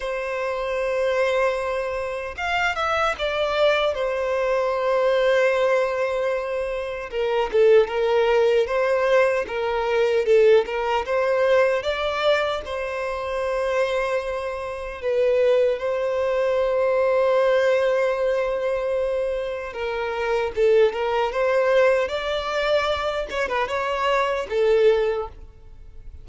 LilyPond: \new Staff \with { instrumentName = "violin" } { \time 4/4 \tempo 4 = 76 c''2. f''8 e''8 | d''4 c''2.~ | c''4 ais'8 a'8 ais'4 c''4 | ais'4 a'8 ais'8 c''4 d''4 |
c''2. b'4 | c''1~ | c''4 ais'4 a'8 ais'8 c''4 | d''4. cis''16 b'16 cis''4 a'4 | }